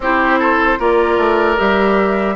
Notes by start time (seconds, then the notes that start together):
0.00 C4 E4 G4 C5
0.39 A4
0.78 A#3 F4 A#4 D5
1.17 A3
1.57 G3 G4 E5